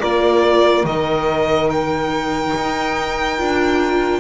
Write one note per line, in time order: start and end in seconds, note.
0.00 0.84 A#3
0.00 0.87 F4
0.00 4.21 A#4
0.00 0.86 D5
0.84 2.53 D#3
0.84 3.39 D#4
0.84 1.70 D#5
1.71 4.21 G5
2.56 3.41 D#4
3.39 4.21 D4
3.39 4.21 F4